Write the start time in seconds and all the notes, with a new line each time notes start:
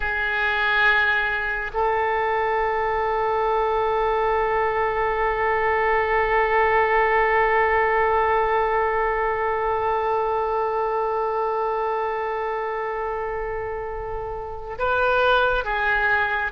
0.00 G#4
1.74 A4
14.78 B4
15.64 G#4